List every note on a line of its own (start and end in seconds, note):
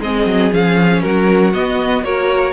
0.00 0.25 G#3
0.00 0.51 C4
0.00 1.03 G#4
0.00 0.53 D#5
0.26 0.51 F#3
0.51 1.04 F3
0.51 1.53 C#4
0.51 1.01 F5
1.01 1.55 F#3
1.01 2.04 F#4
1.01 1.52 A#4
1.53 2.04 B3
1.53 2.03 B3
1.53 2.04 D#5
2.03 2.53 A#3
2.03 2.53 F#4
2.03 2.53 A#4
2.03 2.53 C#5